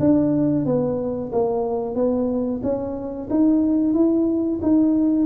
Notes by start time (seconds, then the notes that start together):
0.00 D4
0.65 B3
1.32 A#3
1.95 B3
2.63 C#4
3.30 D#4
3.94 E4
4.62 D#4